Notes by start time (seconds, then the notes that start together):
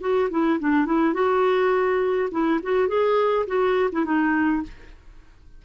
0.00 F#4
0.30 E4
0.60 D4
0.85 E4
1.13 F#4
2.31 E4
2.63 F#4
2.88 G#4
3.47 F#4
3.92 E4
4.05 D#4